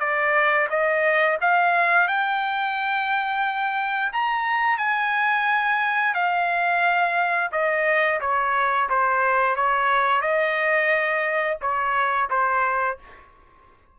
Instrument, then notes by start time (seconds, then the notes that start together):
trumpet
0.00 D5
0.70 D#5
1.41 F5
2.08 G5
4.13 A#5
4.78 G#5
6.14 F5
7.52 D#5
8.21 C#5
8.90 C5
9.56 C#5
10.21 D#5
11.61 C#5
12.30 C5